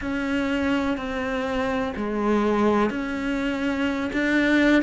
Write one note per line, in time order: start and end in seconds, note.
0.00 0.97 C#4
0.97 1.94 C4
1.96 2.89 G#3
2.89 4.10 C#4
4.12 4.82 D4